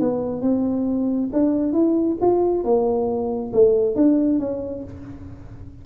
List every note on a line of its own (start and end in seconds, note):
0.00 0.42 B3
0.42 1.30 C4
1.33 1.73 D4
1.73 2.17 E4
2.21 2.64 F4
2.64 3.52 A#3
3.54 3.96 A3
3.96 4.39 D4
4.39 4.83 C#4